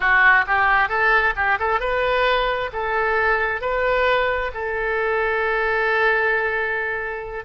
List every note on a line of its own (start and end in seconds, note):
0.00 0.45 F#4
0.46 0.88 G4
0.88 1.33 A4
1.35 1.58 G4
1.59 1.80 A4
1.80 2.70 B4
2.73 3.61 A4
3.61 4.51 B4
4.54 7.44 A4